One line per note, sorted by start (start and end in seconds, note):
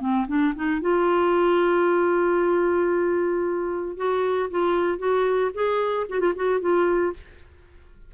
0.00 0.26 C4
0.28 0.54 D4
0.55 0.81 D#4
0.81 3.97 F4
3.97 4.50 F#4
4.51 4.99 F4
4.99 5.51 F#4
5.54 6.07 G#4
6.09 6.20 F#4
6.20 6.33 F4
6.36 6.61 F#4
6.61 7.13 F4